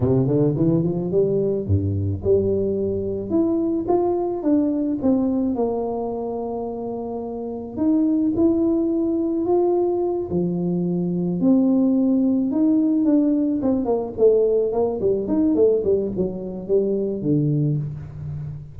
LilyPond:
\new Staff \with { instrumentName = "tuba" } { \time 4/4 \tempo 4 = 108 c8 d8 e8 f8 g4 g,4 | g2 e'4 f'4 | d'4 c'4 ais2~ | ais2 dis'4 e'4~ |
e'4 f'4. f4.~ | f8 c'2 dis'4 d'8~ | d'8 c'8 ais8 a4 ais8 g8 dis'8 | a8 g8 fis4 g4 d4 | }